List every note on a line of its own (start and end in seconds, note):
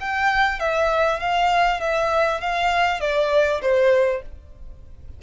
0.00 0.60 G5
0.60 1.20 E5
1.20 1.81 F5
1.81 2.41 E5
2.41 3.01 F5
3.01 3.61 D5
3.62 4.22 C5